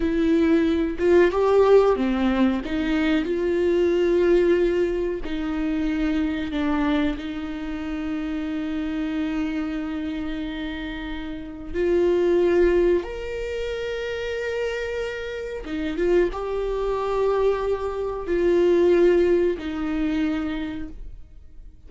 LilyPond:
\new Staff \with { instrumentName = "viola" } { \time 4/4 \tempo 4 = 92 e'4. f'8 g'4 c'4 | dis'4 f'2. | dis'2 d'4 dis'4~ | dis'1~ |
dis'2 f'2 | ais'1 | dis'8 f'8 g'2. | f'2 dis'2 | }